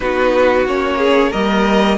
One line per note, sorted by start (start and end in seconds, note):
0.00 0.65 B3
0.00 0.67 D#4
0.00 0.97 F#4
0.00 0.66 B4
0.65 1.32 A#3
0.65 1.32 C#4
0.65 1.32 C#5
0.97 1.30 G#4
1.31 1.98 G3
1.31 1.98 A#3
1.31 1.97 A#4
1.31 1.98 D#5